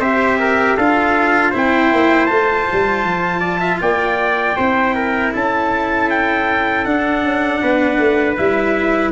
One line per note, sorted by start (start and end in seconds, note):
0.00 0.76 C4
0.00 0.78 G4
0.00 0.38 C5
0.00 0.77 E5
0.40 0.77 A#4
0.77 1.54 D4
0.77 1.53 F4
0.77 1.51 A4
0.77 1.54 F5
1.51 1.93 C4
1.51 2.29 E4
1.51 3.40 C5
1.57 2.26 G5
1.93 2.29 A#3
2.26 2.67 A3
2.26 4.57 F4
2.26 3.78 A5
2.72 3.04 G3
3.04 3.80 F3
3.40 3.59 D5
3.60 3.79 E5
3.81 4.57 A#3
3.81 4.57 D5
3.81 5.34 G5
4.57 5.34 C4
4.57 6.86 E4
4.57 4.95 C5
4.95 5.33 A#4
5.34 6.86 C#4
5.34 7.62 A4
5.34 6.10 A5
6.10 6.85 G5
6.85 7.23 D4
6.85 8.37 D4
6.85 8.37 F#5
7.23 7.61 C#4
7.62 7.99 B3
7.62 9.12 B4
7.99 8.37 A3
8.37 9.12 G3
8.37 9.12 E4
8.37 9.12 E5